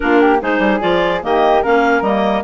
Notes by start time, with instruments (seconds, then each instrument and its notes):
0.00 bassoon A#3, clarinet D4 A#4, flute F4
0.20 flute G4
0.40 bassoon G#3, clarinet D#4 C5, flute G#4
0.59 bassoon G3
0.80 bassoon F3, clarinet F4 D5
1.21 bassoon D#3, clarinet A#3 D#5, flute G4
1.62 bassoon A#3, clarinet C#4 F5, flute A#4
2.01 bassoon G3, clarinet A#3 D#5